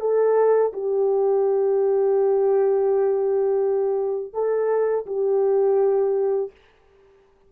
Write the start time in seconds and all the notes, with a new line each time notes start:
0.00 A4
0.73 G4
4.33 A4
5.06 G4